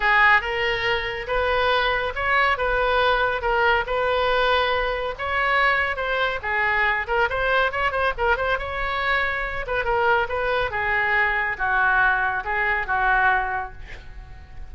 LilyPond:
\new Staff \with { instrumentName = "oboe" } { \time 4/4 \tempo 4 = 140 gis'4 ais'2 b'4~ | b'4 cis''4 b'2 | ais'4 b'2. | cis''2 c''4 gis'4~ |
gis'8 ais'8 c''4 cis''8 c''8 ais'8 c''8 | cis''2~ cis''8 b'8 ais'4 | b'4 gis'2 fis'4~ | fis'4 gis'4 fis'2 | }